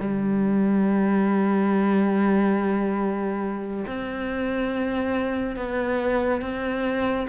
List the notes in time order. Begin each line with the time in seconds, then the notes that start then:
0.00 G3
3.87 C4
5.56 B3
6.42 C4